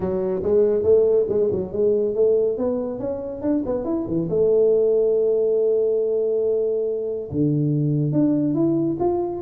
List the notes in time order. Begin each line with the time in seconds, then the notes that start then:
0.00 F#3
0.42 G#3
0.83 A3
1.28 G#3
1.51 F#3
1.72 G#3
2.14 A3
2.57 B3
2.99 C#4
3.41 D4
3.65 B3
3.84 E4
4.07 E3
4.29 A3
7.31 D3
8.12 D4
8.54 E4
8.99 F4